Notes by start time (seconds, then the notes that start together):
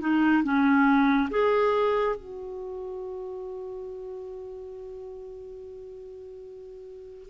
0.00 D#4
0.44 C#4
1.30 G#4
2.16 F#4